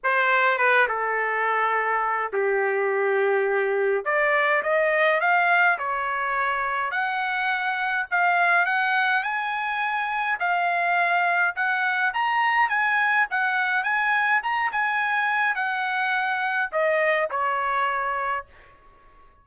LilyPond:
\new Staff \with { instrumentName = "trumpet" } { \time 4/4 \tempo 4 = 104 c''4 b'8 a'2~ a'8 | g'2. d''4 | dis''4 f''4 cis''2 | fis''2 f''4 fis''4 |
gis''2 f''2 | fis''4 ais''4 gis''4 fis''4 | gis''4 ais''8 gis''4. fis''4~ | fis''4 dis''4 cis''2 | }